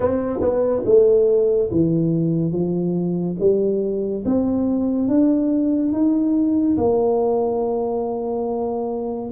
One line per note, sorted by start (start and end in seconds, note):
0.00 0.40 C4
0.40 0.83 B3
0.85 1.69 A3
1.71 2.51 E3
2.51 3.36 F3
3.39 4.24 G3
4.25 5.07 C4
5.07 5.92 D4
5.92 6.76 D#4
6.77 9.30 A#3